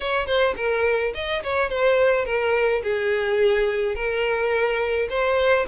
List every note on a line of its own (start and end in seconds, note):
0.00 0.26 C#5
0.26 0.54 C5
0.56 1.13 A#4
1.14 1.42 D#5
1.43 1.69 C#5
1.69 2.25 C5
2.25 2.81 A#4
2.83 3.95 G#4
3.95 5.08 A#4
5.09 5.66 C5